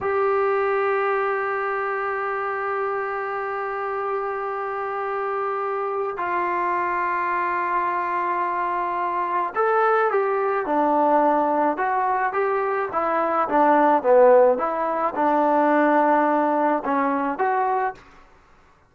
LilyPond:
\new Staff \with { instrumentName = "trombone" } { \time 4/4 \tempo 4 = 107 g'1~ | g'1~ | g'2. f'4~ | f'1~ |
f'4 a'4 g'4 d'4~ | d'4 fis'4 g'4 e'4 | d'4 b4 e'4 d'4~ | d'2 cis'4 fis'4 | }